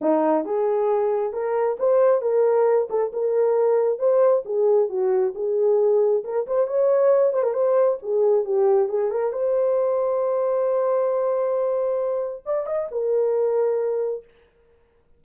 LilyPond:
\new Staff \with { instrumentName = "horn" } { \time 4/4 \tempo 4 = 135 dis'4 gis'2 ais'4 | c''4 ais'4. a'8 ais'4~ | ais'4 c''4 gis'4 fis'4 | gis'2 ais'8 c''8 cis''4~ |
cis''8 c''16 ais'16 c''4 gis'4 g'4 | gis'8 ais'8 c''2.~ | c''1 | d''8 dis''8 ais'2. | }